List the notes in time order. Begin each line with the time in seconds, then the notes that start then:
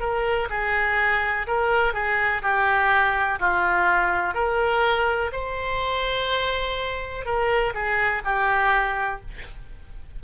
0.00 A#4
0.50 G#4
1.47 A#4
1.94 G#4
2.42 G4
3.40 F4
4.34 A#4
5.32 C5
7.25 A#4
7.74 G#4
8.24 G4